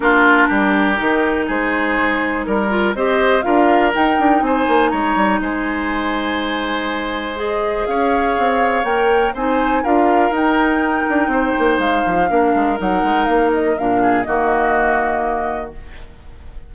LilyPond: <<
  \new Staff \with { instrumentName = "flute" } { \time 4/4 \tempo 4 = 122 ais'2. c''4~ | c''4 ais'4 dis''4 f''4 | g''4 gis''4 ais''4 gis''4~ | gis''2. dis''4 |
f''2 g''4 gis''4 | f''4 g''2. | f''2 fis''4 f''8 dis''8 | f''4 dis''2. | }
  \new Staff \with { instrumentName = "oboe" } { \time 4/4 f'4 g'2 gis'4~ | gis'4 ais'4 c''4 ais'4~ | ais'4 c''4 cis''4 c''4~ | c''1 |
cis''2. c''4 | ais'2. c''4~ | c''4 ais'2.~ | ais'8 gis'8 fis'2. | }
  \new Staff \with { instrumentName = "clarinet" } { \time 4/4 d'2 dis'2~ | dis'4. f'8 g'4 f'4 | dis'1~ | dis'2. gis'4~ |
gis'2 ais'4 dis'4 | f'4 dis'2.~ | dis'4 d'4 dis'2 | d'4 ais2. | }
  \new Staff \with { instrumentName = "bassoon" } { \time 4/4 ais4 g4 dis4 gis4~ | gis4 g4 c'4 d'4 | dis'8 d'8 c'8 ais8 gis8 g8 gis4~ | gis1 |
cis'4 c'4 ais4 c'4 | d'4 dis'4. d'8 c'8 ais8 | gis8 f8 ais8 gis8 fis8 gis8 ais4 | ais,4 dis2. | }
>>